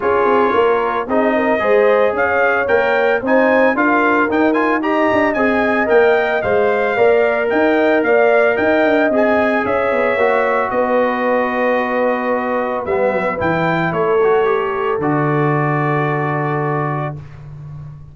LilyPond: <<
  \new Staff \with { instrumentName = "trumpet" } { \time 4/4 \tempo 4 = 112 cis''2 dis''2 | f''4 g''4 gis''4 f''4 | g''8 gis''8 ais''4 gis''4 g''4 | f''2 g''4 f''4 |
g''4 gis''4 e''2 | dis''1 | e''4 g''4 cis''2 | d''1 | }
  \new Staff \with { instrumentName = "horn" } { \time 4/4 gis'4 ais'4 gis'8 ais'8 c''4 | cis''2 c''4 ais'4~ | ais'4 dis''2.~ | dis''4 d''4 dis''4 d''4 |
dis''2 cis''2 | b'1~ | b'2 a'2~ | a'1 | }
  \new Staff \with { instrumentName = "trombone" } { \time 4/4 f'2 dis'4 gis'4~ | gis'4 ais'4 dis'4 f'4 | dis'8 f'8 g'4 gis'4 ais'4 | c''4 ais'2.~ |
ais'4 gis'2 fis'4~ | fis'1 | b4 e'4. fis'8 g'4 | fis'1 | }
  \new Staff \with { instrumentName = "tuba" } { \time 4/4 cis'8 c'8 ais4 c'4 gis4 | cis'4 ais4 c'4 d'4 | dis'4. d'8 c'4 ais4 | gis4 ais4 dis'4 ais4 |
dis'8 d'8 c'4 cis'8 b8 ais4 | b1 | g8 fis8 e4 a2 | d1 | }
>>